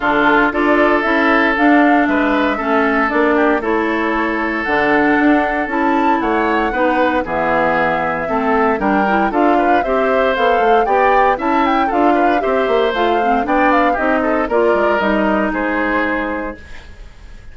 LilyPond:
<<
  \new Staff \with { instrumentName = "flute" } { \time 4/4 \tempo 4 = 116 a'4 d''4 e''4 f''4 | e''2 d''4 cis''4~ | cis''4 fis''2 a''4 | fis''2 e''2~ |
e''4 g''4 f''4 e''4 | f''4 g''4 a''8 g''8 f''4 | e''4 f''4 g''8 f''8 dis''4 | d''4 dis''4 c''2 | }
  \new Staff \with { instrumentName = "oboe" } { \time 4/4 f'4 a'2. | b'4 a'4. g'8 a'4~ | a'1 | cis''4 b'4 gis'2 |
a'4 ais'4 a'8 b'8 c''4~ | c''4 d''4 e''4 a'8 b'8 | c''2 d''4 g'8 a'8 | ais'2 gis'2 | }
  \new Staff \with { instrumentName = "clarinet" } { \time 4/4 d'4 f'4 e'4 d'4~ | d'4 cis'4 d'4 e'4~ | e'4 d'2 e'4~ | e'4 dis'4 b2 |
c'4 d'8 e'8 f'4 g'4 | a'4 g'4 e'4 f'4 | g'4 f'8 c'8 d'4 dis'4 | f'4 dis'2. | }
  \new Staff \with { instrumentName = "bassoon" } { \time 4/4 d4 d'4 cis'4 d'4 | gis4 a4 ais4 a4~ | a4 d4 d'4 cis'4 | a4 b4 e2 |
a4 g4 d'4 c'4 | b8 a8 b4 cis'4 d'4 | c'8 ais8 a4 b4 c'4 | ais8 gis8 g4 gis2 | }
>>